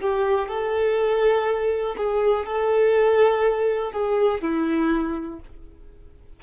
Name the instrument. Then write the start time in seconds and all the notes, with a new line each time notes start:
violin
0.00 G4
0.48 A4
1.97 G#4
2.45 A4
3.92 G#4
4.41 E4